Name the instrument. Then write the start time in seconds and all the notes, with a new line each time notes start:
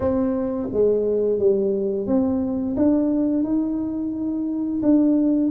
tuba
0.00 C4
0.72 G#3
1.38 G3
2.06 C4
2.76 D4
3.43 D#4
4.82 D4